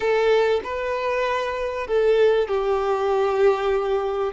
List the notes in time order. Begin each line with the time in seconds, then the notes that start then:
0.00 A4
0.63 B4
1.87 A4
2.48 G4